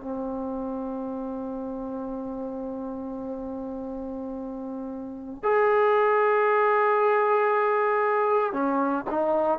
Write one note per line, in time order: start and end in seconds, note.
0.00 5.43 C4
5.43 8.53 G#4
8.53 9.05 C#4
9.10 9.59 D#4